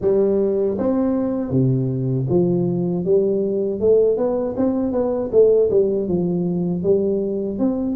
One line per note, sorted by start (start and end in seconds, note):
0.01 0.77 G3
0.78 1.50 C4
1.50 2.26 C3
2.29 3.04 F3
3.04 3.79 G3
3.79 4.17 A3
4.17 4.55 B3
4.56 4.92 C4
4.92 5.30 B3
5.32 5.70 A3
5.70 6.08 G3
6.08 6.83 F3
6.83 7.58 G3
7.58 7.95 C4